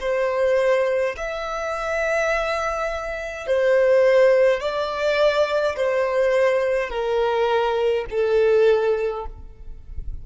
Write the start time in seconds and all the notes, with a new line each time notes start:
0.00 C5
1.17 E5
3.47 C5
4.60 D5
5.76 C5
6.90 A#4
8.10 A4